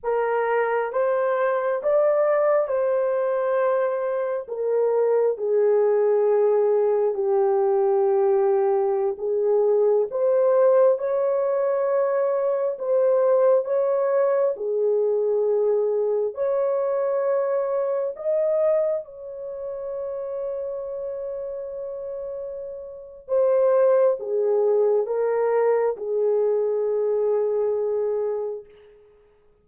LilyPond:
\new Staff \with { instrumentName = "horn" } { \time 4/4 \tempo 4 = 67 ais'4 c''4 d''4 c''4~ | c''4 ais'4 gis'2 | g'2~ g'16 gis'4 c''8.~ | c''16 cis''2 c''4 cis''8.~ |
cis''16 gis'2 cis''4.~ cis''16~ | cis''16 dis''4 cis''2~ cis''8.~ | cis''2 c''4 gis'4 | ais'4 gis'2. | }